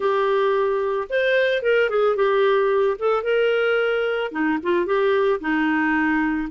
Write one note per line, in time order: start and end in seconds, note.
0.00 1.08 G4
1.09 1.62 C5
1.62 1.89 A#4
1.89 2.16 G#4
2.16 2.97 G4
2.99 3.23 A4
3.23 4.31 A#4
4.31 4.58 D#4
4.62 4.86 F4
4.86 5.40 G4
5.40 6.48 D#4